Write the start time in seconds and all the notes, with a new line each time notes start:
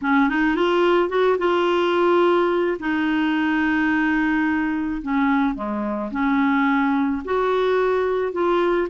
0.01 C#4
0.29 D#4
0.55 F4
1.09 F#4
1.38 F4
2.79 D#4
5.02 C#4
5.55 G#3
6.11 C#4
7.24 F#4
8.32 F4